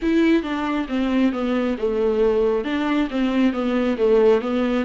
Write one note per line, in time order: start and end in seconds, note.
0.02 0.42 E4
0.42 0.86 D4
0.88 1.32 C4
1.32 1.76 B3
1.78 2.64 A3
2.64 3.08 D4
3.10 3.52 C4
3.52 3.96 B3
3.97 4.41 A3
4.41 4.85 B3